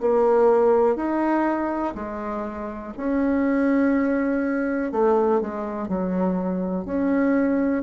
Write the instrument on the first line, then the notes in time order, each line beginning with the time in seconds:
bassoon
0.00 A#3
0.96 D#4
1.95 G#3
2.97 C#4
4.92 A3
5.41 G#3
5.88 F#3
6.85 C#4